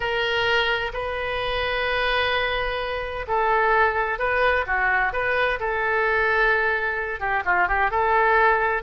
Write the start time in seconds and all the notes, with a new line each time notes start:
0.00 A#4
0.93 B4
3.27 A4
4.18 B4
4.66 F#4
5.12 B4
5.59 A4
7.20 G4
7.45 F4
7.68 G4
7.90 A4